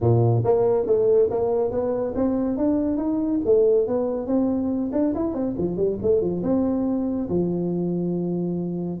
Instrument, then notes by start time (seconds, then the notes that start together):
tuba
0.00 A#2
0.44 A#3
0.86 A3
1.30 A#3
1.71 B3
2.15 C4
2.57 D4
2.97 D#4
3.45 A3
3.87 B3
4.26 C4
4.92 D4
5.14 E4
5.34 C4
5.58 F3
5.76 G3
6.02 A3
6.21 F3
6.43 C4
7.29 F3